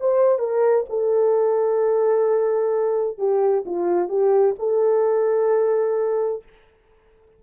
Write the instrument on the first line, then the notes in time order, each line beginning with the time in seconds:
horn
0.00 C5
0.39 A#4
0.89 A4
3.18 G4
3.65 F4
4.09 G4
4.59 A4